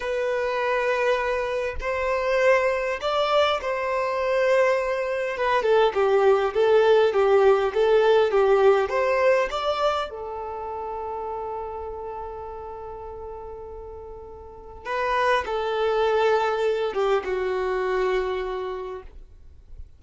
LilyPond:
\new Staff \with { instrumentName = "violin" } { \time 4/4 \tempo 4 = 101 b'2. c''4~ | c''4 d''4 c''2~ | c''4 b'8 a'8 g'4 a'4 | g'4 a'4 g'4 c''4 |
d''4 a'2.~ | a'1~ | a'4 b'4 a'2~ | a'8 g'8 fis'2. | }